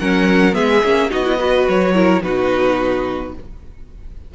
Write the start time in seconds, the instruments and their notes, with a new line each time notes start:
0.00 cello F#3, viola C#4, violin A#4 F#5
0.52 cello G#3, viola B3, violin G#4 E5
0.84 cello A#3, viola C#4
1.10 cello B3, viola D#4, violin F#4 D#5
1.25 viola E4
1.39 viola F#4, violin B4
1.69 cello F#3, violin C#5
1.94 viola E4, violin A#4
2.23 cello B2, viola D#4, violin F#4 B4